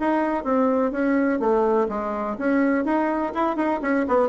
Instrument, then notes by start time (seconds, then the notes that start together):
bassoon
0.00 D#4
0.44 C4
0.91 C#4
1.39 A3
1.89 G#3
2.38 C#4
2.85 D#4
3.34 E4
3.56 D#4
3.82 C#4
4.08 B3